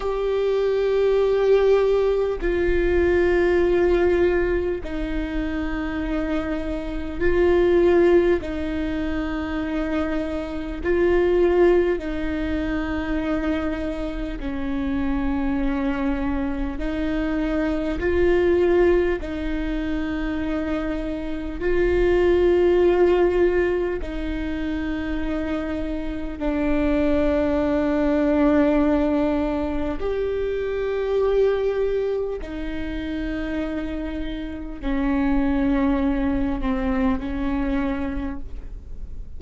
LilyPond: \new Staff \with { instrumentName = "viola" } { \time 4/4 \tempo 4 = 50 g'2 f'2 | dis'2 f'4 dis'4~ | dis'4 f'4 dis'2 | cis'2 dis'4 f'4 |
dis'2 f'2 | dis'2 d'2~ | d'4 g'2 dis'4~ | dis'4 cis'4. c'8 cis'4 | }